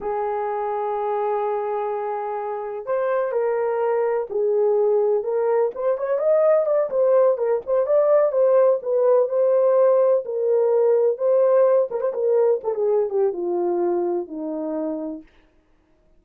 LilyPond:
\new Staff \with { instrumentName = "horn" } { \time 4/4 \tempo 4 = 126 gis'1~ | gis'2 c''4 ais'4~ | ais'4 gis'2 ais'4 | c''8 cis''8 dis''4 d''8 c''4 ais'8 |
c''8 d''4 c''4 b'4 c''8~ | c''4. ais'2 c''8~ | c''4 ais'16 c''16 ais'4 a'16 gis'8. g'8 | f'2 dis'2 | }